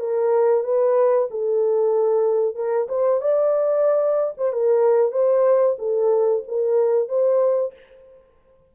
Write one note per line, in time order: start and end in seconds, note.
0.00 0.64 A#4
0.64 1.29 B4
1.31 2.55 A4
2.55 2.88 A#4
2.89 3.21 C5
3.21 4.34 D5
4.38 4.53 C5
4.53 5.12 A#4
5.12 5.77 C5
5.79 6.43 A4
6.48 7.09 A#4
7.09 7.74 C5